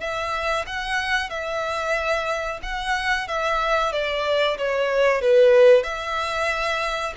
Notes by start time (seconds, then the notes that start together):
0.00 E5
0.67 F#5
1.30 E5
2.62 F#5
3.28 E5
3.92 D5
4.58 C#5
5.21 B4
5.83 E5